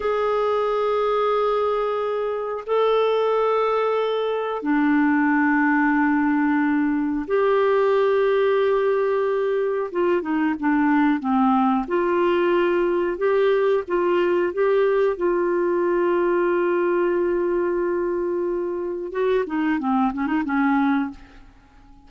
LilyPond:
\new Staff \with { instrumentName = "clarinet" } { \time 4/4 \tempo 4 = 91 gis'1 | a'2. d'4~ | d'2. g'4~ | g'2. f'8 dis'8 |
d'4 c'4 f'2 | g'4 f'4 g'4 f'4~ | f'1~ | f'4 fis'8 dis'8 c'8 cis'16 dis'16 cis'4 | }